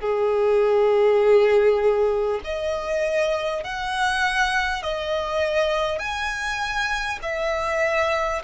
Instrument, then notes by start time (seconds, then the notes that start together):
violin
0.00 G#4
2.44 D#5
3.64 F#5
4.83 D#5
5.99 G#5
7.22 E5